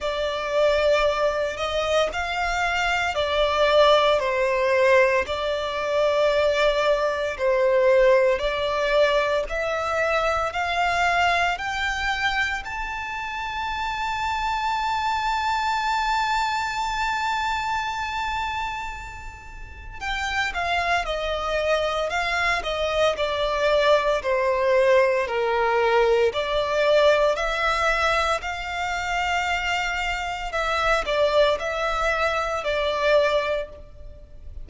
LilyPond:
\new Staff \with { instrumentName = "violin" } { \time 4/4 \tempo 4 = 57 d''4. dis''8 f''4 d''4 | c''4 d''2 c''4 | d''4 e''4 f''4 g''4 | a''1~ |
a''2. g''8 f''8 | dis''4 f''8 dis''8 d''4 c''4 | ais'4 d''4 e''4 f''4~ | f''4 e''8 d''8 e''4 d''4 | }